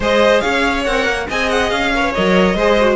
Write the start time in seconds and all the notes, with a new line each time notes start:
0.00 G#3 G#4 C5 D#5
0.40 C#4 C#5 F5
0.84 C4 A#4 F#5
1.06 A#3
1.28 C4 G#4 D#5 G#5
1.49 F#5
1.69 C#4 F5
1.95 A#4 C#5
2.01 B4
2.14 F#3 A#4 D#5
2.54 G#3 G#4 C5
2.79 F#4